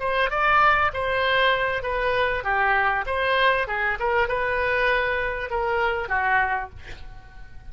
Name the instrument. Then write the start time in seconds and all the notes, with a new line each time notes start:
oboe
0.00 C5
0.31 D5
0.94 C5
1.83 B4
2.44 G4
3.07 C5
3.68 G#4
4.00 A#4
4.29 B4
5.51 A#4
6.09 F#4